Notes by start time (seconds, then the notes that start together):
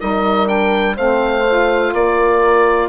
0.00 G3 D#4 A#4 D#5
0.46 D4 G5
0.96 A3 C4 C5 F5
1.47 F4
1.93 A#3 A#4 D5